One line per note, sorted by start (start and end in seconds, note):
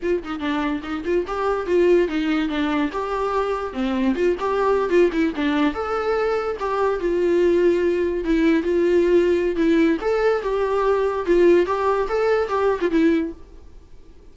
0.02 0.23 F4
0.23 0.39 D#4
0.39 0.81 D4
0.83 1.04 D#4
1.04 1.25 F4
1.27 1.66 G4
1.66 2.07 F4
2.07 2.48 D#4
2.48 2.90 D4
2.92 3.73 G4
3.73 4.15 C4
4.15 4.36 F4
4.39 4.89 G4
4.89 5.10 F4
5.12 5.33 E4
5.35 5.73 D4
5.73 6.57 A4
6.59 6.99 G4
6.99 8.24 F4
8.24 8.62 E4
8.62 9.56 F4
9.56 9.97 E4
10.01 10.42 A4
10.42 11.26 G4
11.26 11.66 F4
11.66 12.07 G4
12.08 12.48 A4
12.48 12.79 G4
12.80 12.90 F4
12.90 13.32 E4